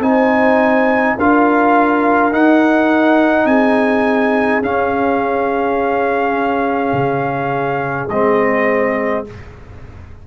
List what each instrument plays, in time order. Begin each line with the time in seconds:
0.00 tuba C4, trombone D#4, horn C5, trumpet G#5
1.17 tuba D4, trombone F4, horn A#4, trumpet F5
2.32 trombone D#4, tuba D#4, trumpet F#5
3.45 tuba C4, horn G#4, trumpet G#5
4.62 tuba C#4, trombone C#4, trumpet F5
6.93 tuba C#3
8.10 tuba G#3, trombone C4, trumpet D#5